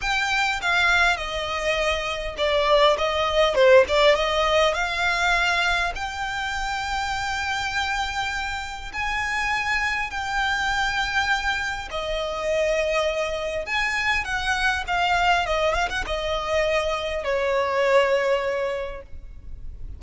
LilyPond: \new Staff \with { instrumentName = "violin" } { \time 4/4 \tempo 4 = 101 g''4 f''4 dis''2 | d''4 dis''4 c''8 d''8 dis''4 | f''2 g''2~ | g''2. gis''4~ |
gis''4 g''2. | dis''2. gis''4 | fis''4 f''4 dis''8 f''16 fis''16 dis''4~ | dis''4 cis''2. | }